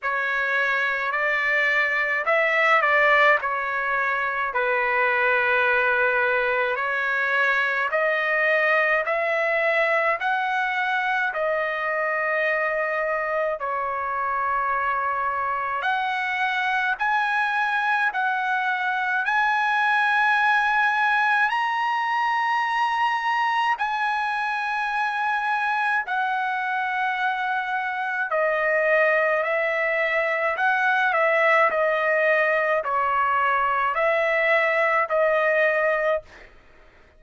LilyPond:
\new Staff \with { instrumentName = "trumpet" } { \time 4/4 \tempo 4 = 53 cis''4 d''4 e''8 d''8 cis''4 | b'2 cis''4 dis''4 | e''4 fis''4 dis''2 | cis''2 fis''4 gis''4 |
fis''4 gis''2 ais''4~ | ais''4 gis''2 fis''4~ | fis''4 dis''4 e''4 fis''8 e''8 | dis''4 cis''4 e''4 dis''4 | }